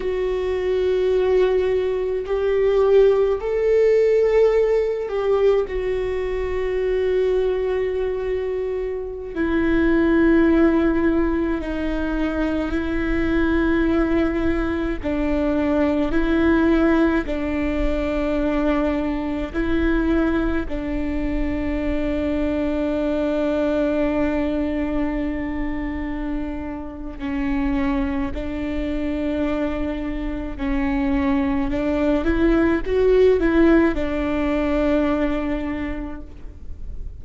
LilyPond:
\new Staff \with { instrumentName = "viola" } { \time 4/4 \tempo 4 = 53 fis'2 g'4 a'4~ | a'8 g'8 fis'2.~ | fis'16 e'2 dis'4 e'8.~ | e'4~ e'16 d'4 e'4 d'8.~ |
d'4~ d'16 e'4 d'4.~ d'16~ | d'1 | cis'4 d'2 cis'4 | d'8 e'8 fis'8 e'8 d'2 | }